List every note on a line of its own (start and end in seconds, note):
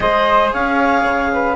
0.00 0.52 G#3
0.00 1.55 G#4
0.00 0.53 C5
0.00 0.52 D#5
0.52 1.04 C#4
0.52 1.32 C#5
0.52 1.55 F5
1.04 1.55 C#3
1.32 1.55 B4